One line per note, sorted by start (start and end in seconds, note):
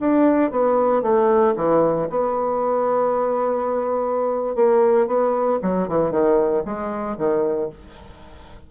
0.00 0.51 D4
0.51 1.02 B3
1.02 1.54 A3
1.56 2.08 E3
2.10 4.55 B3
4.55 5.07 A#3
5.07 5.59 B3
5.62 5.88 F#3
5.88 6.11 E3
6.11 6.63 D#3
6.65 7.17 G#3
7.17 7.70 D#3